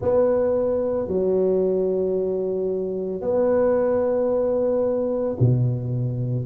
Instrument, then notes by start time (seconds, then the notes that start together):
tuba
0.01 B3
1.07 F#3
3.21 B3
5.40 B2